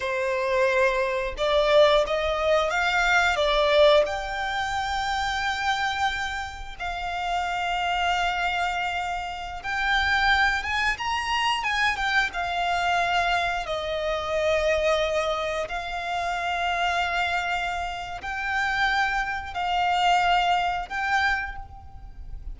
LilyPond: \new Staff \with { instrumentName = "violin" } { \time 4/4 \tempo 4 = 89 c''2 d''4 dis''4 | f''4 d''4 g''2~ | g''2 f''2~ | f''2~ f''16 g''4. gis''16~ |
gis''16 ais''4 gis''8 g''8 f''4.~ f''16~ | f''16 dis''2. f''8.~ | f''2. g''4~ | g''4 f''2 g''4 | }